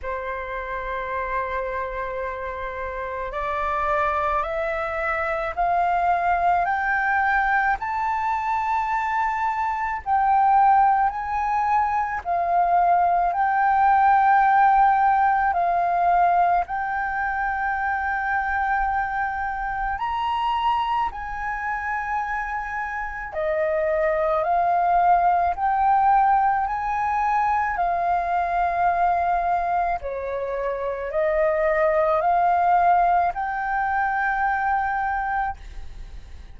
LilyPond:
\new Staff \with { instrumentName = "flute" } { \time 4/4 \tempo 4 = 54 c''2. d''4 | e''4 f''4 g''4 a''4~ | a''4 g''4 gis''4 f''4 | g''2 f''4 g''4~ |
g''2 ais''4 gis''4~ | gis''4 dis''4 f''4 g''4 | gis''4 f''2 cis''4 | dis''4 f''4 g''2 | }